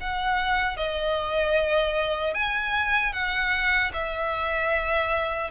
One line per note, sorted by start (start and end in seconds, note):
0.00 0.76 F#5
0.76 2.33 D#5
2.33 3.12 G#5
3.12 3.91 F#5
3.93 5.50 E5